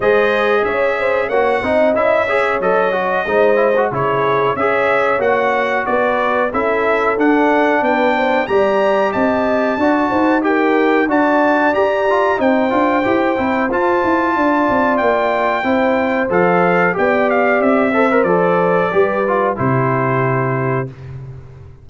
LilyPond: <<
  \new Staff \with { instrumentName = "trumpet" } { \time 4/4 \tempo 4 = 92 dis''4 e''4 fis''4 e''4 | dis''2 cis''4 e''4 | fis''4 d''4 e''4 fis''4 | g''4 ais''4 a''2 |
g''4 a''4 ais''4 g''4~ | g''4 a''2 g''4~ | g''4 f''4 g''8 f''8 e''4 | d''2 c''2 | }
  \new Staff \with { instrumentName = "horn" } { \time 4/4 c''4 cis''8 c''8 cis''8 dis''4 cis''8~ | cis''4 c''4 gis'4 cis''4~ | cis''4 b'4 a'2 | b'8 c''8 d''4 dis''4 d''8 c''8 |
ais'4 d''2 c''4~ | c''2 d''2 | c''2 d''4. c''8~ | c''4 b'4 g'2 | }
  \new Staff \with { instrumentName = "trombone" } { \time 4/4 gis'2 fis'8 dis'8 e'8 gis'8 | a'8 fis'8 dis'8 e'16 fis'16 e'4 gis'4 | fis'2 e'4 d'4~ | d'4 g'2 fis'4 |
g'4 fis'4 g'8 f'8 dis'8 f'8 | g'8 e'8 f'2. | e'4 a'4 g'4. a'16 ais'16 | a'4 g'8 f'8 e'2 | }
  \new Staff \with { instrumentName = "tuba" } { \time 4/4 gis4 cis'4 ais8 c'8 cis'4 | fis4 gis4 cis4 cis'4 | ais4 b4 cis'4 d'4 | b4 g4 c'4 d'8 dis'8~ |
dis'4 d'4 g'4 c'8 d'8 | e'8 c'8 f'8 e'8 d'8 c'8 ais4 | c'4 f4 b4 c'4 | f4 g4 c2 | }
>>